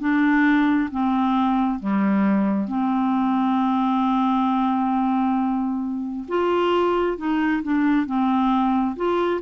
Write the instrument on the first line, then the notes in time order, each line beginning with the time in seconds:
clarinet
0.00 D4
0.91 C4
1.80 G3
2.68 C4
6.28 F4
7.18 D#4
7.63 D4
8.06 C4
8.96 F4